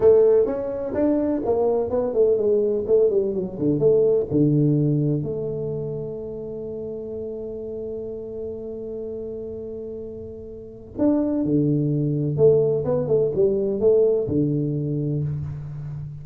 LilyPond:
\new Staff \with { instrumentName = "tuba" } { \time 4/4 \tempo 4 = 126 a4 cis'4 d'4 ais4 | b8 a8 gis4 a8 g8 fis8 d8 | a4 d2 a4~ | a1~ |
a1~ | a2. d'4 | d2 a4 b8 a8 | g4 a4 d2 | }